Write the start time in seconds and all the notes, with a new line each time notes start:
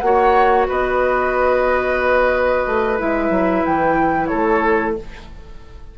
0.00 A#3 F#4 C#5 F#5
0.68 B3 B4 D#5
2.67 A3
2.99 G#3 E4 E5
3.30 F#3
3.66 E3 G5
4.27 A3 A4 C#5